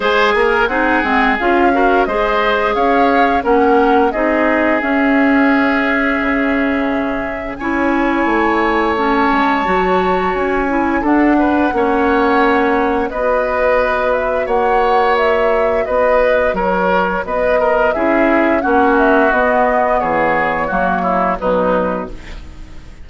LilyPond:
<<
  \new Staff \with { instrumentName = "flute" } { \time 4/4 \tempo 4 = 87 gis''4 fis''4 f''4 dis''4 | f''4 fis''4 dis''4 e''4~ | e''2. gis''4~ | gis''4 a''2 gis''4 |
fis''2. dis''4~ | dis''8 e''8 fis''4 e''4 dis''4 | cis''4 dis''4 e''4 fis''8 e''8 | dis''4 cis''2 b'4 | }
  \new Staff \with { instrumentName = "oboe" } { \time 4/4 c''8 ais'8 gis'4. ais'8 c''4 | cis''4 ais'4 gis'2~ | gis'2. cis''4~ | cis''1 |
a'8 b'8 cis''2 b'4~ | b'4 cis''2 b'4 | ais'4 b'8 ais'8 gis'4 fis'4~ | fis'4 gis'4 fis'8 e'8 dis'4 | }
  \new Staff \with { instrumentName = "clarinet" } { \time 4/4 gis'4 dis'8 c'8 f'8 fis'8 gis'4~ | gis'4 cis'4 dis'4 cis'4~ | cis'2. e'4~ | e'4 cis'4 fis'4. e'8 |
d'4 cis'2 fis'4~ | fis'1~ | fis'2 e'4 cis'4 | b2 ais4 fis4 | }
  \new Staff \with { instrumentName = "bassoon" } { \time 4/4 gis8 ais8 c'8 gis8 cis'4 gis4 | cis'4 ais4 c'4 cis'4~ | cis'4 cis2 cis'4 | a4. gis8 fis4 cis'4 |
d'4 ais2 b4~ | b4 ais2 b4 | fis4 b4 cis'4 ais4 | b4 e4 fis4 b,4 | }
>>